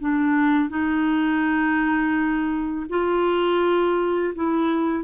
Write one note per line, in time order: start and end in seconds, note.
0.00 0.69 D4
0.69 2.86 D#4
2.89 4.34 F4
4.35 5.03 E4